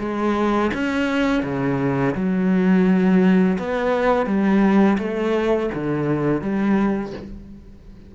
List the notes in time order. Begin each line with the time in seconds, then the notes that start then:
0.00 G#3
0.74 C#4
1.44 C#3
2.16 F#3
3.59 B3
4.27 G3
4.99 A3
5.75 D3
6.42 G3